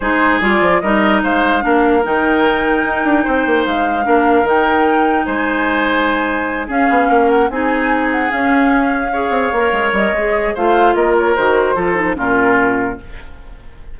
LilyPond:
<<
  \new Staff \with { instrumentName = "flute" } { \time 4/4 \tempo 4 = 148 c''4 d''4 dis''4 f''4~ | f''4 g''2.~ | g''4 f''2 g''4~ | g''4 gis''2.~ |
gis''8 f''4. fis''8 gis''4. | fis''8 f''2.~ f''8~ | f''8 dis''4. f''4 dis''8 cis''8 | c''2 ais'2 | }
  \new Staff \with { instrumentName = "oboe" } { \time 4/4 gis'2 ais'4 c''4 | ais'1 | c''2 ais'2~ | ais'4 c''2.~ |
c''8 gis'4 ais'4 gis'4.~ | gis'2~ gis'8 cis''4.~ | cis''2 c''4 ais'4~ | ais'4 a'4 f'2 | }
  \new Staff \with { instrumentName = "clarinet" } { \time 4/4 dis'4 f'4 dis'2 | d'4 dis'2.~ | dis'2 d'4 dis'4~ | dis'1~ |
dis'8 cis'2 dis'4.~ | dis'8 cis'2 gis'4 ais'8~ | ais'4 gis'4 f'2 | fis'4 f'8 dis'8 cis'2 | }
  \new Staff \with { instrumentName = "bassoon" } { \time 4/4 gis4 g8 f8 g4 gis4 | ais4 dis2 dis'8 d'8 | c'8 ais8 gis4 ais4 dis4~ | dis4 gis2.~ |
gis8 cis'8 b8 ais4 c'4.~ | c'8 cis'2~ cis'8 c'8 ais8 | gis8 g8 gis4 a4 ais4 | dis4 f4 ais,2 | }
>>